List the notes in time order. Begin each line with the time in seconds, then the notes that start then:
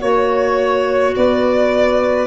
0.00 A#3 F#4 C#5
1.16 B3 B4 D5